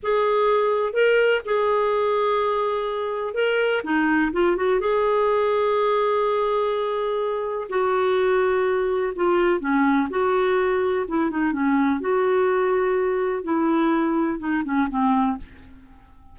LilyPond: \new Staff \with { instrumentName = "clarinet" } { \time 4/4 \tempo 4 = 125 gis'2 ais'4 gis'4~ | gis'2. ais'4 | dis'4 f'8 fis'8 gis'2~ | gis'1 |
fis'2. f'4 | cis'4 fis'2 e'8 dis'8 | cis'4 fis'2. | e'2 dis'8 cis'8 c'4 | }